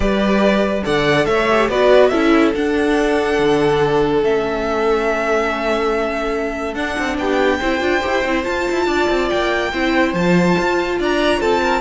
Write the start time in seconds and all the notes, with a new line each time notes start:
0.00 G3 G4 B4 D5
0.83 D3 A4 D5 F#5
1.25 A3 C#5 E5
1.50 G4
1.68 B3 F#4 B4 D5
2.09 C#4 E4 A4 E5
2.54 D4 F#5
3.39 D3
4.23 A3 C#4 E5
6.74 D4 F#5
6.98 C4
7.17 B3 G4 G5
7.59 C4 E4 C5
7.79 D4 F4
8.01 E4 G4
8.25 C4 E4
8.43 F4 A5
8.71 E4
8.86 D4 D5
9.09 C4
9.29 A#3 G5
9.71 C4 E4 C5
10.13 F3 F4 A5
10.59 F4
10.99 D4 D5 A#5
11.40 C4 A4 A5
11.62 A#4